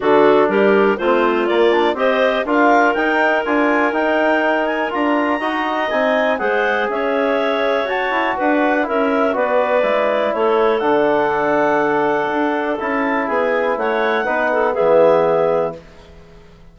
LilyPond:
<<
  \new Staff \with { instrumentName = "clarinet" } { \time 4/4 \tempo 4 = 122 a'4 ais'4 c''4 d''4 | dis''4 f''4 g''4 gis''4 | g''4. gis''8 ais''2 | gis''4 fis''4 e''2 |
a''4 fis''4 e''4 d''4~ | d''4 cis''4 fis''2~ | fis''2 a''4 gis''4 | fis''2 e''2 | }
  \new Staff \with { instrumentName = "clarinet" } { \time 4/4 fis'4 g'4 f'2 | c''4 ais'2.~ | ais'2. dis''4~ | dis''4 c''4 cis''2~ |
cis''4 b'4 ais'4 b'4~ | b'4 a'2.~ | a'2. gis'4 | cis''4 b'8 a'8 gis'2 | }
  \new Staff \with { instrumentName = "trombone" } { \time 4/4 d'2 c'4 ais8 d'8 | g'4 f'4 dis'4 f'4 | dis'2 f'4 fis'4 | dis'4 gis'2. |
fis'2 e'4 fis'4 | e'2 d'2~ | d'2 e'2~ | e'4 dis'4 b2 | }
  \new Staff \with { instrumentName = "bassoon" } { \time 4/4 d4 g4 a4 ais4 | c'4 d'4 dis'4 d'4 | dis'2 d'4 dis'4 | c'4 gis4 cis'2 |
fis'8 e'8 d'4 cis'4 b4 | gis4 a4 d2~ | d4 d'4 cis'4 b4 | a4 b4 e2 | }
>>